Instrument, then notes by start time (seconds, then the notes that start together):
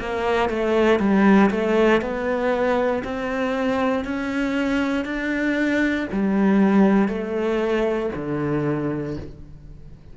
cello
0.00 A#3
0.49 A3
1.00 G3
1.51 A3
2.02 B3
3.04 C4
4.05 C#4
5.05 D4
6.12 G3
7.08 A3
8.15 D3